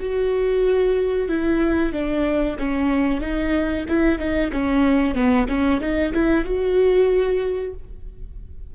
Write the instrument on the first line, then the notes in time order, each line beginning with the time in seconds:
viola
0.00 F#4
1.29 E4
1.93 D4
2.59 C#4
3.21 D#4
3.89 E4
4.19 D#4
4.52 C#4
5.15 B3
5.48 C#4
5.81 D#4
6.13 E4
6.45 F#4